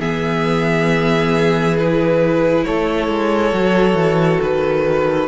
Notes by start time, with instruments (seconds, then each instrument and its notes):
0.00 cello E3, viola B3, violin G#4 E5
1.78 viola E4, violin B4
2.65 cello A3, violin A4 C#5
3.08 cello G#3
3.52 cello F#3, viola F#4
3.94 cello E3
4.42 cello D#3, violin B4